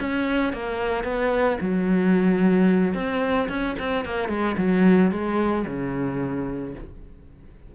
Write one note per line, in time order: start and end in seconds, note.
0.00 0.53 C#4
0.53 1.04 A#3
1.04 1.58 B3
1.61 2.94 F#3
2.94 3.48 C4
3.49 3.76 C#4
3.79 4.05 C4
4.05 4.29 A#3
4.29 4.56 G#3
4.58 5.12 F#3
5.12 5.66 G#3
5.67 6.75 C#3